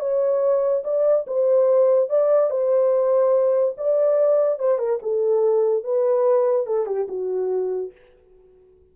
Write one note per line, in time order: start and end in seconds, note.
0.00 0.83 C#5
0.84 1.26 D5
1.27 2.10 C5
2.10 2.50 D5
2.50 3.75 C5
3.77 4.59 D5
4.59 4.79 C5
4.79 5.00 A#4
5.02 5.84 A4
5.84 6.67 B4
6.67 6.86 A4
6.86 7.07 G4
7.09 7.92 F#4